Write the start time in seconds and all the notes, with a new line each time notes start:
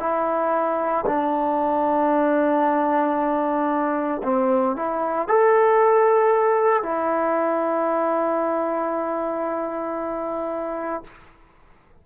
0.00 E4
1.07 D4
4.23 C4
4.77 E4
5.28 A4
6.83 E4